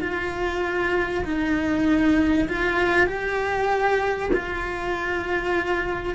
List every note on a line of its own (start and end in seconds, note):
0.00 1.24 F4
1.24 2.48 D#4
2.48 3.06 F4
3.06 4.30 G4
4.33 6.14 F4